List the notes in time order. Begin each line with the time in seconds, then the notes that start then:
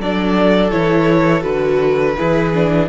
0.00 F#3 D4 A4 D5
0.71 E3 E4 C#5
1.42 D3 F#4 B4
2.17 E3 E4 G#4
2.54 D4